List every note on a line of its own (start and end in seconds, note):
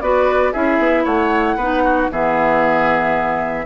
0.00 0.52 B3
0.00 0.53 F#4
0.00 0.52 B4
0.00 0.52 D5
0.52 0.78 C#4
0.52 1.58 E4
0.52 1.04 G#4
0.52 1.05 E5
0.78 1.04 B3
1.04 1.56 A3
1.04 1.56 C#5
1.04 2.10 F#5
1.56 2.08 B3
1.56 2.11 D#4
1.56 1.82 B4
1.83 2.10 F#4
2.11 3.65 E3
2.11 3.65 B3
2.11 3.65 G#4
2.11 3.65 E5